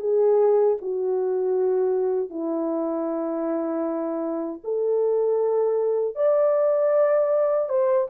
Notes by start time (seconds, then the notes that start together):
0.00 G#4
0.81 F#4
2.30 E4
4.64 A4
6.15 D5
7.69 C5